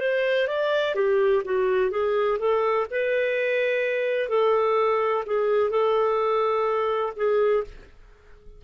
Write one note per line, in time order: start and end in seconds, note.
0.00 0.48 C5
0.48 0.95 D5
0.95 1.43 G4
1.45 1.91 F#4
1.91 2.39 G#4
2.39 2.87 A4
2.91 4.29 B4
4.29 5.24 A4
5.26 5.70 G#4
5.70 7.13 A4
7.16 7.64 G#4